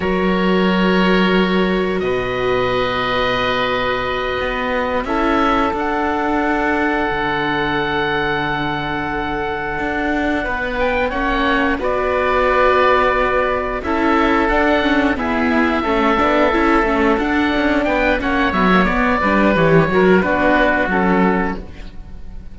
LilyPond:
<<
  \new Staff \with { instrumentName = "oboe" } { \time 4/4 \tempo 4 = 89 cis''2. dis''4~ | dis''2.~ dis''8 e''8~ | e''8 fis''2.~ fis''8~ | fis''1 |
g''8 fis''4 d''2~ d''8~ | d''8 e''4 fis''4 e''4.~ | e''4. fis''4 g''8 fis''8 e''8 | d''4 cis''4 b'4 a'4 | }
  \new Staff \with { instrumentName = "oboe" } { \time 4/4 ais'2. b'4~ | b'2.~ b'8 a'8~ | a'1~ | a'2.~ a'8 b'8~ |
b'8 cis''4 b'2~ b'8~ | b'8 a'2 gis'4 a'8~ | a'2~ a'8 b'8 cis''4~ | cis''8 b'4 ais'8 fis'2 | }
  \new Staff \with { instrumentName = "viola" } { \time 4/4 fis'1~ | fis'2.~ fis'8 e'8~ | e'8 d'2.~ d'8~ | d'1~ |
d'8 cis'4 fis'2~ fis'8~ | fis'8 e'4 d'8 cis'8 b4 cis'8 | d'8 e'8 cis'8 d'4. cis'8 b16 ais16 | b8 d'8 g'8 fis'8 d'4 cis'4 | }
  \new Staff \with { instrumentName = "cello" } { \time 4/4 fis2. b,4~ | b,2~ b,8 b4 cis'8~ | cis'8 d'2 d4.~ | d2~ d8 d'4 b8~ |
b8 ais4 b2~ b8~ | b8 cis'4 d'4 e'4 a8 | b8 cis'8 a8 d'8 cis'8 b8 ais8 fis8 | b8 g8 e8 fis8 b4 fis4 | }
>>